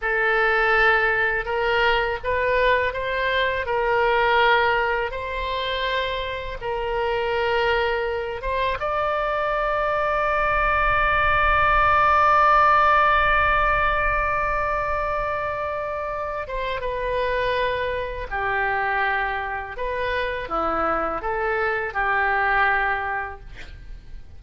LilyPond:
\new Staff \with { instrumentName = "oboe" } { \time 4/4 \tempo 4 = 82 a'2 ais'4 b'4 | c''4 ais'2 c''4~ | c''4 ais'2~ ais'8 c''8 | d''1~ |
d''1~ | d''2~ d''8 c''8 b'4~ | b'4 g'2 b'4 | e'4 a'4 g'2 | }